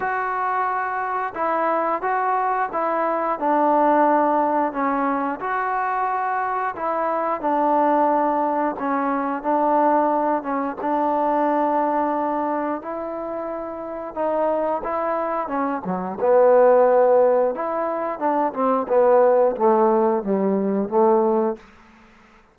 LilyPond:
\new Staff \with { instrumentName = "trombone" } { \time 4/4 \tempo 4 = 89 fis'2 e'4 fis'4 | e'4 d'2 cis'4 | fis'2 e'4 d'4~ | d'4 cis'4 d'4. cis'8 |
d'2. e'4~ | e'4 dis'4 e'4 cis'8 fis8 | b2 e'4 d'8 c'8 | b4 a4 g4 a4 | }